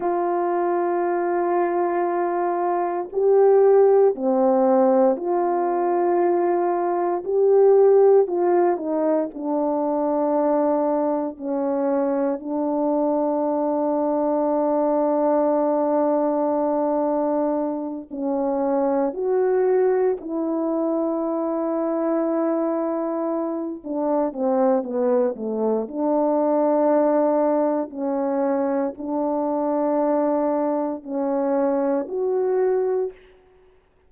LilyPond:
\new Staff \with { instrumentName = "horn" } { \time 4/4 \tempo 4 = 58 f'2. g'4 | c'4 f'2 g'4 | f'8 dis'8 d'2 cis'4 | d'1~ |
d'4. cis'4 fis'4 e'8~ | e'2. d'8 c'8 | b8 a8 d'2 cis'4 | d'2 cis'4 fis'4 | }